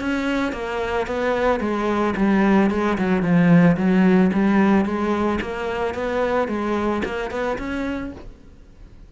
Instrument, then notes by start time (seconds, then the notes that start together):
cello
0.00 C#4
0.53 A#3
1.07 B3
1.60 G#3
2.16 G3
2.70 G#3
2.98 F#3
3.22 F3
3.77 F#3
4.33 G3
4.85 G#3
5.41 A#3
5.94 B3
6.48 G#3
7.05 A#3
7.31 B3
7.58 C#4